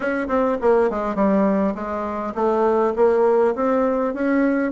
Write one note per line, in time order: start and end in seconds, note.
0.00 0.27 C#4
0.28 0.57 C4
0.61 0.90 A#3
0.90 1.15 G#3
1.15 1.74 G3
1.74 2.33 G#3
2.34 2.93 A3
2.95 3.54 A#3
3.55 4.14 C4
4.14 4.71 C#4